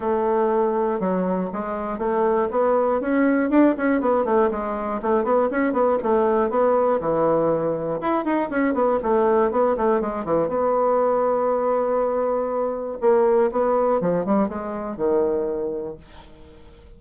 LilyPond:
\new Staff \with { instrumentName = "bassoon" } { \time 4/4 \tempo 4 = 120 a2 fis4 gis4 | a4 b4 cis'4 d'8 cis'8 | b8 a8 gis4 a8 b8 cis'8 b8 | a4 b4 e2 |
e'8 dis'8 cis'8 b8 a4 b8 a8 | gis8 e8 b2.~ | b2 ais4 b4 | f8 g8 gis4 dis2 | }